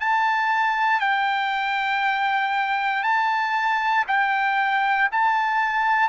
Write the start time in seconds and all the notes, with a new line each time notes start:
0.00 A5
1.00 G5
3.03 A5
4.08 G5
5.12 A5